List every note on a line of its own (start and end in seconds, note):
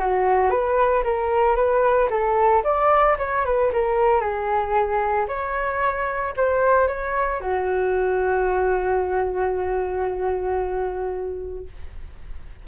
0.00 0.50 F#4
0.50 1.03 B4
1.04 1.56 A#4
1.56 2.09 B4
2.10 2.63 A4
2.64 3.17 D5
3.19 3.45 C#5
3.45 3.72 B4
3.73 4.21 A#4
4.21 5.27 G#4
5.28 6.34 C#5
6.37 6.88 C5
6.88 7.41 C#5
7.41 11.65 F#4